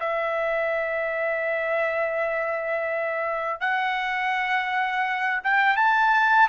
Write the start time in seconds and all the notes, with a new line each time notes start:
0.00 E5
3.60 F#5
5.43 G5
5.76 A5